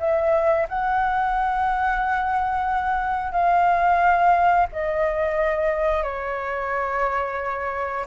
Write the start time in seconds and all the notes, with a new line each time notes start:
0.00 E5
0.69 F#5
3.32 F5
4.73 D#5
6.03 C#5